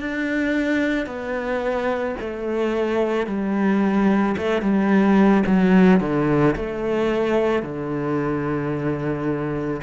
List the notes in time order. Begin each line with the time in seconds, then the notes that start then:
0.00 D4
1.06 B3
2.20 A3
3.27 G3
4.37 A3
4.62 G3
5.46 F#3
6.00 D3
6.56 A3
7.63 D3